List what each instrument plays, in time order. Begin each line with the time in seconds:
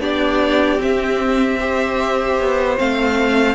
0.00 cello B3, viola D4, violin G4 D5
0.78 viola C4, cello C4, violin E5
1.60 viola G4, violin C5
2.40 cello B3
2.77 cello A3, viola C4, violin F5